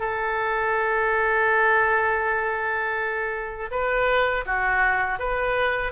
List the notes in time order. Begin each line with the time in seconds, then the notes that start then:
0.00 A4
3.71 B4
4.45 F#4
5.19 B4